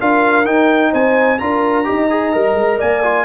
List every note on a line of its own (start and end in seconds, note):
0.00 0.46 D4
0.00 0.46 F4
0.00 0.91 A#4
0.00 0.46 F5
0.46 1.39 D#4
0.46 0.92 D#4
0.46 0.93 G5
0.91 1.41 C4
0.91 1.38 C5
0.91 1.39 G#5
1.39 1.88 D4
1.39 1.85 F4
1.39 1.86 A#4
1.39 2.80 A#5
1.85 2.35 D#4
1.85 2.08 G4
1.85 2.79 D#5
2.10 2.33 G#4
2.33 2.54 G3
2.33 3.03 A#4
2.54 2.78 G#3
2.79 3.25 A#3
2.79 3.25 D5
2.79 3.25 G#5
3.03 3.25 F4